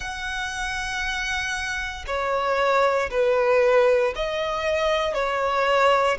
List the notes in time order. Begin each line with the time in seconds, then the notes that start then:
0.00 F#5
2.06 C#5
3.10 B4
4.15 D#5
5.14 C#5